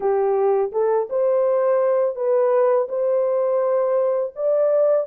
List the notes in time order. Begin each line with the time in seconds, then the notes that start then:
0.00 G4
0.72 A4
1.09 C5
2.15 B4
2.88 C5
4.35 D5